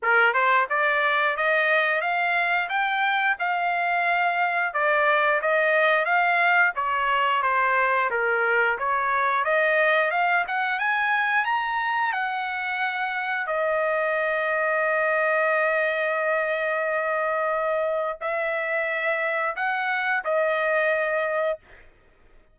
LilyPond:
\new Staff \with { instrumentName = "trumpet" } { \time 4/4 \tempo 4 = 89 ais'8 c''8 d''4 dis''4 f''4 | g''4 f''2 d''4 | dis''4 f''4 cis''4 c''4 | ais'4 cis''4 dis''4 f''8 fis''8 |
gis''4 ais''4 fis''2 | dis''1~ | dis''2. e''4~ | e''4 fis''4 dis''2 | }